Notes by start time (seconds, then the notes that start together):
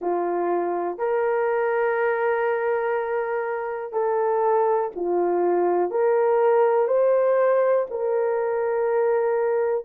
0.01 F4
0.98 A#4
3.92 A4
4.95 F4
5.91 A#4
6.87 C5
7.90 A#4